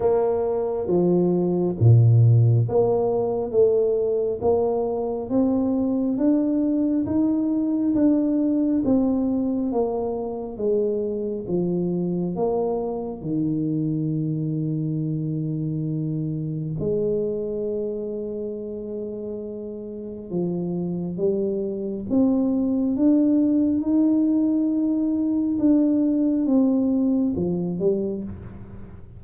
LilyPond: \new Staff \with { instrumentName = "tuba" } { \time 4/4 \tempo 4 = 68 ais4 f4 ais,4 ais4 | a4 ais4 c'4 d'4 | dis'4 d'4 c'4 ais4 | gis4 f4 ais4 dis4~ |
dis2. gis4~ | gis2. f4 | g4 c'4 d'4 dis'4~ | dis'4 d'4 c'4 f8 g8 | }